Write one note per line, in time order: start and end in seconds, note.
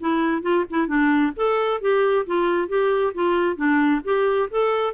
0.00 0.42 E4
0.42 0.65 F4
0.70 0.87 E4
0.87 1.32 D4
1.36 1.81 A4
1.81 2.26 G4
2.26 2.68 F4
2.68 3.13 G4
3.14 3.56 F4
3.56 4.01 D4
4.04 4.49 G4
4.50 4.94 A4